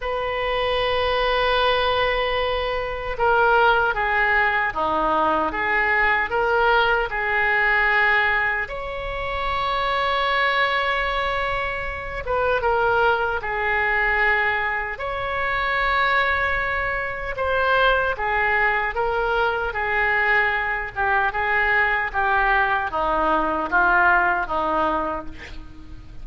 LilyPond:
\new Staff \with { instrumentName = "oboe" } { \time 4/4 \tempo 4 = 76 b'1 | ais'4 gis'4 dis'4 gis'4 | ais'4 gis'2 cis''4~ | cis''2.~ cis''8 b'8 |
ais'4 gis'2 cis''4~ | cis''2 c''4 gis'4 | ais'4 gis'4. g'8 gis'4 | g'4 dis'4 f'4 dis'4 | }